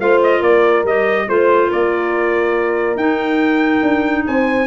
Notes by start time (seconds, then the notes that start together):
0.00 A3 F4 C5 F5
0.23 D#5
0.40 A#3 A#4 D5
0.84 G3 G4 D#5
1.29 A3 F4 C5
1.70 A#3 A#4 D5
2.96 D#4 G5
3.83 D4
4.27 C4 C5 G#5